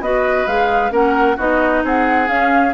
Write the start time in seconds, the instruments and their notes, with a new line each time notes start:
0.00 bassoon B3, clarinet F#4, oboe B4, flute D#5
0.46 bassoon G#3, clarinet G#4, flute F5
0.90 bassoon A#3, clarinet C#4, oboe A#4, flute F#5
1.36 bassoon B3, clarinet D#4, oboe F#4, flute D#5
1.83 bassoon C4, oboe G#4, flute F#5
2.27 clarinet C#4, bassoon C#4, flute F5